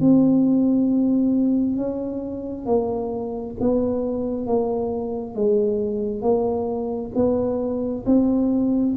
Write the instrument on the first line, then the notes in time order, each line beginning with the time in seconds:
tuba
0.00 C4
1.77 C#4
2.66 A#3
3.60 B3
4.47 A#3
5.35 G#3
6.22 A#3
7.15 B3
8.06 C4